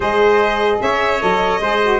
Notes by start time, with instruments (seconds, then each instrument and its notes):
0.00 tuba G#3, saxophone G#4, trumpet C5, violin D#5
0.81 tuba C#4, trumpet C#5, violin E5
1.20 tuba F#3, saxophone A4, violin D#5
1.59 tuba G#3, saxophone G#4, trumpet C5
1.82 saxophone F#4